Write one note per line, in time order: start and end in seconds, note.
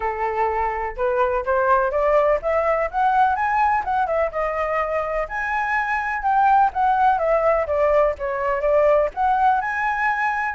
0.00 0.96 A4
0.96 1.44 B4
1.45 1.91 C5
1.91 2.39 D5
2.42 2.90 E5
2.90 3.35 F#5
3.35 3.83 G#5
3.84 4.06 F#5
4.06 4.30 E5
4.31 5.27 D#5
5.28 6.22 G#5
6.22 6.70 G5
6.73 7.18 F#5
7.18 7.66 E5
7.66 8.14 D5
8.18 8.61 C#5
8.61 9.09 D5
9.14 9.60 F#5
9.60 10.54 G#5